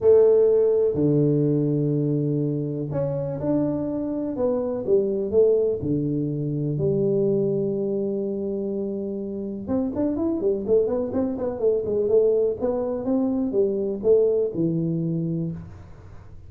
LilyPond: \new Staff \with { instrumentName = "tuba" } { \time 4/4 \tempo 4 = 124 a2 d2~ | d2 cis'4 d'4~ | d'4 b4 g4 a4 | d2 g2~ |
g1 | c'8 d'8 e'8 g8 a8 b8 c'8 b8 | a8 gis8 a4 b4 c'4 | g4 a4 e2 | }